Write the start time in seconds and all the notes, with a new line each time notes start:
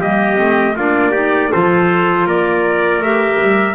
0.00 G3 A#3 G4 D#5
0.36 A3 C4
0.76 A#3 D4 F4 D5
1.11 D#4 G4
1.52 F3 F4 A4 C5
2.26 A#3 A#4 D5
2.99 A3 G4 E5
3.41 G3